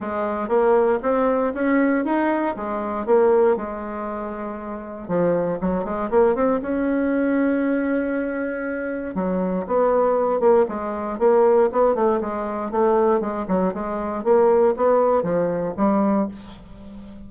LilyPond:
\new Staff \with { instrumentName = "bassoon" } { \time 4/4 \tempo 4 = 118 gis4 ais4 c'4 cis'4 | dis'4 gis4 ais4 gis4~ | gis2 f4 fis8 gis8 | ais8 c'8 cis'2.~ |
cis'2 fis4 b4~ | b8 ais8 gis4 ais4 b8 a8 | gis4 a4 gis8 fis8 gis4 | ais4 b4 f4 g4 | }